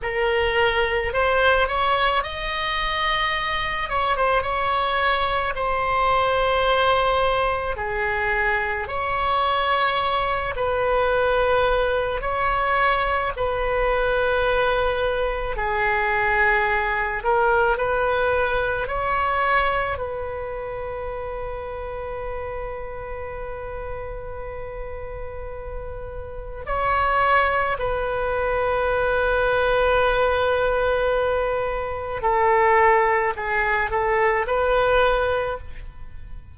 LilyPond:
\new Staff \with { instrumentName = "oboe" } { \time 4/4 \tempo 4 = 54 ais'4 c''8 cis''8 dis''4. cis''16 c''16 | cis''4 c''2 gis'4 | cis''4. b'4. cis''4 | b'2 gis'4. ais'8 |
b'4 cis''4 b'2~ | b'1 | cis''4 b'2.~ | b'4 a'4 gis'8 a'8 b'4 | }